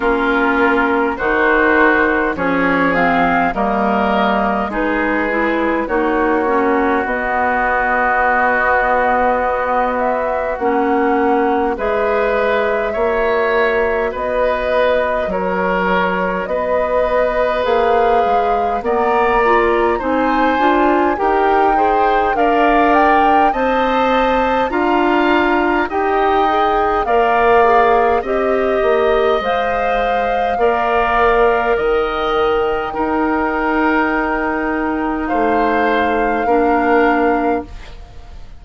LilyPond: <<
  \new Staff \with { instrumentName = "flute" } { \time 4/4 \tempo 4 = 51 ais'4 c''4 cis''8 f''8 dis''4 | b'4 cis''4 dis''2~ | dis''8 e''8 fis''4 e''2 | dis''4 cis''4 dis''4 f''4 |
ais''4 gis''4 g''4 f''8 g''8 | a''4 ais''4 g''4 f''4 | dis''4 f''2 g''4~ | g''2 f''2 | }
  \new Staff \with { instrumentName = "oboe" } { \time 4/4 f'4 fis'4 gis'4 ais'4 | gis'4 fis'2.~ | fis'2 b'4 cis''4 | b'4 ais'4 b'2 |
d''4 c''4 ais'8 c''8 d''4 | dis''4 f''4 dis''4 d''4 | dis''2 d''4 dis''4 | ais'2 c''4 ais'4 | }
  \new Staff \with { instrumentName = "clarinet" } { \time 4/4 cis'4 dis'4 cis'8 c'8 ais4 | dis'8 e'8 dis'8 cis'8 b2~ | b4 cis'4 gis'4 fis'4~ | fis'2. gis'4 |
b8 f'8 dis'8 f'8 g'8 gis'8 ais'4 | c''4 f'4 g'8 gis'8 ais'8 gis'8 | g'4 c''4 ais'2 | dis'2. d'4 | }
  \new Staff \with { instrumentName = "bassoon" } { \time 4/4 ais4 dis4 f4 g4 | gis4 ais4 b2~ | b4 ais4 gis4 ais4 | b4 fis4 b4 ais8 gis8 |
ais4 c'8 d'8 dis'4 d'4 | c'4 d'4 dis'4 ais4 | c'8 ais8 gis4 ais4 dis4 | dis'2 a4 ais4 | }
>>